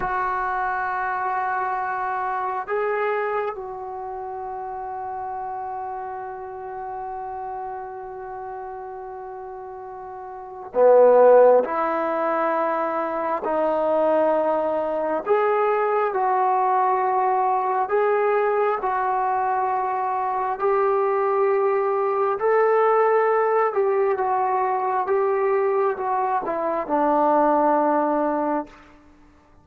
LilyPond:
\new Staff \with { instrumentName = "trombone" } { \time 4/4 \tempo 4 = 67 fis'2. gis'4 | fis'1~ | fis'1 | b4 e'2 dis'4~ |
dis'4 gis'4 fis'2 | gis'4 fis'2 g'4~ | g'4 a'4. g'8 fis'4 | g'4 fis'8 e'8 d'2 | }